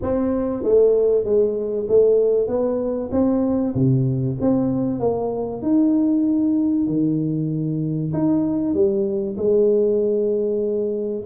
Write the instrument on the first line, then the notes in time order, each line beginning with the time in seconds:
tuba
0.02 C4
0.63 A3
1.24 G#3
1.88 A3
2.47 B3
3.11 C4
3.74 C3
4.40 C4
4.99 A#3
5.62 D#4
6.87 D#3
8.13 D#4
8.74 G3
9.37 G#3